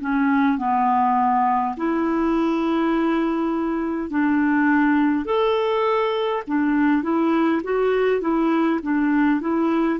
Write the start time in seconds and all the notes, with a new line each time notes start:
0.00 C#4
0.57 B3
1.76 E4
4.10 D4
5.25 A4
6.47 D4
7.02 E4
7.63 F#4
8.21 E4
8.82 D4
9.41 E4